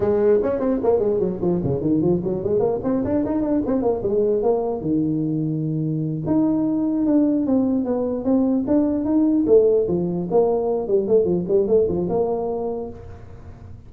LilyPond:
\new Staff \with { instrumentName = "tuba" } { \time 4/4 \tempo 4 = 149 gis4 cis'8 c'8 ais8 gis8 fis8 f8 | cis8 dis8 f8 fis8 gis8 ais8 c'8 d'8 | dis'8 d'8 c'8 ais8 gis4 ais4 | dis2.~ dis8 dis'8~ |
dis'4. d'4 c'4 b8~ | b8 c'4 d'4 dis'4 a8~ | a8 f4 ais4. g8 a8 | f8 g8 a8 f8 ais2 | }